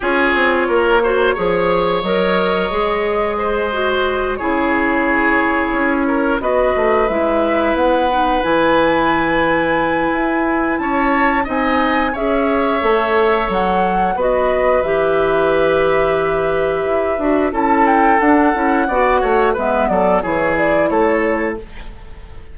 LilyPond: <<
  \new Staff \with { instrumentName = "flute" } { \time 4/4 \tempo 4 = 89 cis''2. dis''4~ | dis''2~ dis''8 cis''4.~ | cis''4. dis''4 e''4 fis''8~ | fis''8 gis''2.~ gis''8 |
a''4 gis''4 e''2 | fis''4 dis''4 e''2~ | e''2 a''8 g''8 fis''4~ | fis''4 e''8 d''8 cis''8 d''8 cis''4 | }
  \new Staff \with { instrumentName = "oboe" } { \time 4/4 gis'4 ais'8 c''8 cis''2~ | cis''4 c''4. gis'4.~ | gis'4 ais'8 b'2~ b'8~ | b'1 |
cis''4 dis''4 cis''2~ | cis''4 b'2.~ | b'2 a'2 | d''8 cis''8 b'8 a'8 gis'4 a'4 | }
  \new Staff \with { instrumentName = "clarinet" } { \time 4/4 f'4. fis'8 gis'4 ais'4 | gis'4. fis'4 e'4.~ | e'4. fis'4 e'4. | dis'8 e'2.~ e'8~ |
e'4 dis'4 gis'4 a'4~ | a'4 fis'4 g'2~ | g'4. fis'8 e'4 d'8 e'8 | fis'4 b4 e'2 | }
  \new Staff \with { instrumentName = "bassoon" } { \time 4/4 cis'8 c'8 ais4 f4 fis4 | gis2~ gis8 cis4.~ | cis8 cis'4 b8 a8 gis4 b8~ | b8 e2~ e8 e'4 |
cis'4 c'4 cis'4 a4 | fis4 b4 e2~ | e4 e'8 d'8 cis'4 d'8 cis'8 | b8 a8 gis8 fis8 e4 a4 | }
>>